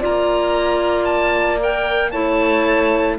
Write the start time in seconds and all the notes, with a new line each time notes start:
0.00 A#3 F4 D5 A#5
1.05 A5
1.59 A#4 G5
2.11 A3 E4 C#5 A5